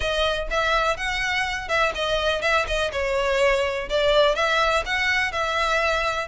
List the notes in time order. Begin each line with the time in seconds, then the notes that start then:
0.00 D#5
0.50 E5
0.97 F#5
1.68 E5
1.94 D#5
2.41 E5
2.67 D#5
2.92 C#5
3.89 D5
4.35 E5
4.85 F#5
5.31 E5